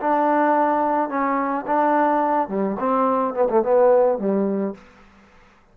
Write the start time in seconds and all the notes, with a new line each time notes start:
0.00 D4
1.09 C#4
1.66 D4
2.48 G3
2.79 C4
3.34 B3
3.49 A3
3.62 B3
4.18 G3